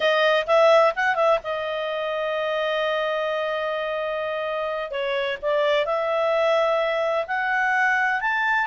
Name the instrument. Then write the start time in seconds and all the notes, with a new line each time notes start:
clarinet
0.00 D#5
0.46 E5
0.95 F#5
1.15 E5
1.43 D#5
4.90 C#5
5.42 D5
5.85 E5
7.27 F#5
8.20 A5